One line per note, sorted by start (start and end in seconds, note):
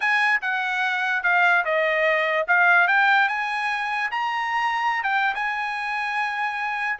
0.00 0.41 G#5
0.41 1.23 F#5
1.23 1.64 F5
1.64 2.47 D#5
2.47 2.87 F5
2.87 3.28 G5
3.28 4.10 G#5
4.11 5.03 A#5
5.03 5.34 G5
5.34 6.99 G#5